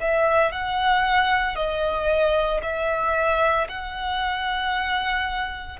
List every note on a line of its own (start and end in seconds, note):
0.00 0.52 E5
0.52 1.56 F#5
1.56 2.61 D#5
2.62 3.67 E5
3.69 5.79 F#5